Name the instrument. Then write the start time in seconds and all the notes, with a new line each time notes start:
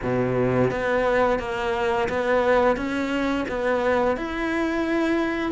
cello
0.02 B2
0.71 B3
1.39 A#3
2.08 B3
2.76 C#4
3.48 B3
4.16 E4